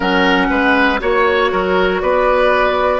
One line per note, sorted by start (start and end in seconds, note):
0.00 0.48 F#3
0.00 0.97 C#4
0.00 0.47 A#4
0.00 1.00 F#5
0.50 1.00 G#3
0.50 1.00 B4
0.99 1.51 A#3
0.99 2.99 F#4
0.99 2.00 C#5
0.99 1.51 C#5
1.51 2.01 F#3
1.51 2.01 A#4
2.00 2.99 B3
2.00 2.99 B4
2.00 2.99 D5